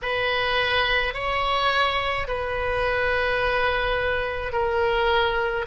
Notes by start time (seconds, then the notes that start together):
0.02 B4
1.14 C#5
2.27 B4
4.52 A#4